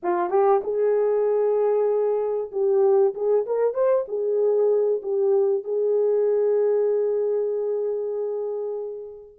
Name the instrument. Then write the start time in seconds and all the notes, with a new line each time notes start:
horn
0.02 F4
0.30 G4
0.63 G#4
2.51 G4
3.14 G#4
3.45 A#4
3.73 C5
4.08 G#4
5.02 G4
5.64 G#4